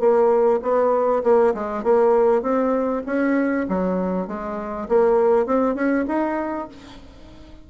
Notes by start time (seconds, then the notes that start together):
0.00 A#3
0.63 B3
1.24 A#3
1.55 G#3
1.84 A#3
2.42 C4
3.07 C#4
3.69 F#3
4.28 G#3
4.89 A#3
5.47 C4
5.75 C#4
6.08 D#4